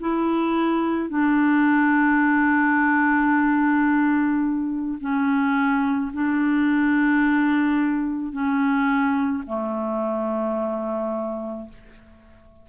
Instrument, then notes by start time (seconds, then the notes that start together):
clarinet
0.00 E4
1.10 D4
5.01 C#4
6.13 D4
8.33 C#4
9.46 A3